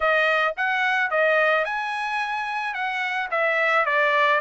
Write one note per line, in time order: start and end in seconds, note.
0.00 0.54 D#5
0.56 1.10 F#5
1.10 1.64 D#5
1.64 2.73 G#5
2.73 3.29 F#5
3.30 3.85 E5
3.85 4.40 D5